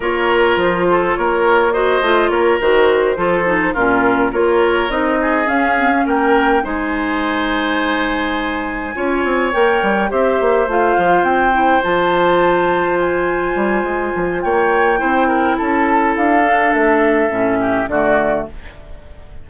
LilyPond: <<
  \new Staff \with { instrumentName = "flute" } { \time 4/4 \tempo 4 = 104 cis''4 c''4 cis''4 dis''4 | cis''8 c''2 ais'4 cis''8~ | cis''8 dis''4 f''4 g''4 gis''8~ | gis''1~ |
gis''8 g''4 e''4 f''4 g''8~ | g''8 a''2 gis''4.~ | gis''4 g''2 a''4 | f''4 e''2 d''4 | }
  \new Staff \with { instrumentName = "oboe" } { \time 4/4 ais'4. a'8 ais'4 c''4 | ais'4. a'4 f'4 ais'8~ | ais'4 gis'4. ais'4 c''8~ | c''2.~ c''8 cis''8~ |
cis''4. c''2~ c''8~ | c''1~ | c''4 cis''4 c''8 ais'8 a'4~ | a'2~ a'8 g'8 fis'4 | }
  \new Staff \with { instrumentName = "clarinet" } { \time 4/4 f'2. fis'8 f'8~ | f'8 fis'4 f'8 dis'8 cis'4 f'8~ | f'8 dis'4 cis'8 c'16 cis'4~ cis'16 dis'8~ | dis'2.~ dis'8 f'8~ |
f'8 ais'4 g'4 f'4. | e'8 f'2.~ f'8~ | f'2 e'2~ | e'8 d'4. cis'4 a4 | }
  \new Staff \with { instrumentName = "bassoon" } { \time 4/4 ais4 f4 ais4. a8 | ais8 dis4 f4 ais,4 ais8~ | ais8 c'4 cis'4 ais4 gis8~ | gis2.~ gis8 cis'8 |
c'8 ais8 g8 c'8 ais8 a8 f8 c'8~ | c'8 f2. g8 | gis8 f8 ais4 c'4 cis'4 | d'4 a4 a,4 d4 | }
>>